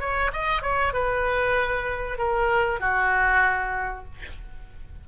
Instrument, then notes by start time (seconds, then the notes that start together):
oboe
0.00 C#5
0.33 D#5
0.62 C#5
0.93 B4
2.18 A#4
2.80 F#4